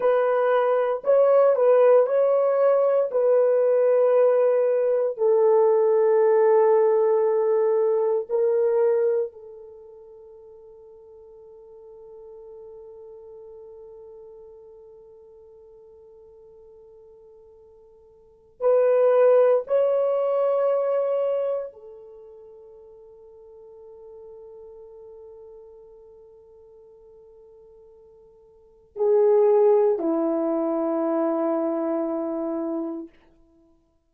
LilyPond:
\new Staff \with { instrumentName = "horn" } { \time 4/4 \tempo 4 = 58 b'4 cis''8 b'8 cis''4 b'4~ | b'4 a'2. | ais'4 a'2.~ | a'1~ |
a'2 b'4 cis''4~ | cis''4 a'2.~ | a'1 | gis'4 e'2. | }